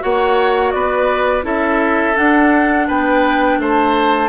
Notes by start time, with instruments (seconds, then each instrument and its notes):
0.00 bassoon A#3, clarinet F#4, oboe C#5, flute F#5
0.71 bassoon B3, oboe B4, flute D5
1.42 bassoon C#4, clarinet E4, oboe A4, flute E5
2.16 clarinet D4, bassoon D4, flute F#5
2.87 bassoon B3, oboe B4, flute G5
3.58 bassoon A3, oboe C5, flute A5